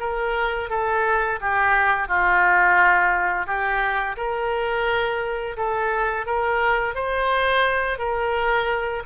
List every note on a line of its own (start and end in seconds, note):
0.00 0.70 A#4
0.70 1.40 A4
1.41 2.08 G4
2.08 3.47 F4
3.47 4.16 G4
4.17 5.57 A#4
5.57 6.26 A4
6.26 6.95 A#4
6.95 7.99 C5
7.99 9.03 A#4